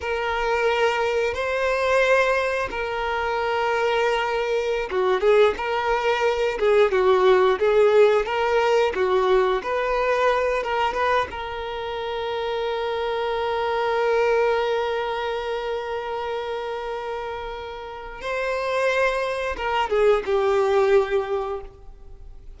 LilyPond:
\new Staff \with { instrumentName = "violin" } { \time 4/4 \tempo 4 = 89 ais'2 c''2 | ais'2.~ ais'16 fis'8 gis'16~ | gis'16 ais'4. gis'8 fis'4 gis'8.~ | gis'16 ais'4 fis'4 b'4. ais'16~ |
ais'16 b'8 ais'2.~ ais'16~ | ais'1~ | ais'2. c''4~ | c''4 ais'8 gis'8 g'2 | }